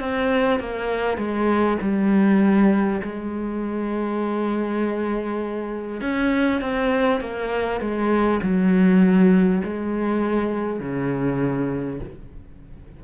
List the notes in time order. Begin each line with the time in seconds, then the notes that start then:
0.00 C4
0.60 A#3
1.18 G#3
1.82 G3
3.02 G#3
6.02 C#4
6.61 C4
7.21 A#3
7.81 G#3
8.43 F#3
9.64 G#3
10.80 C#3